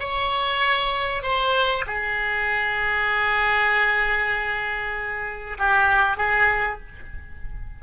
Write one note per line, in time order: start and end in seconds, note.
0.00 1.23 C#5
1.23 1.84 C5
1.87 5.58 G#4
5.59 6.17 G4
6.17 6.79 G#4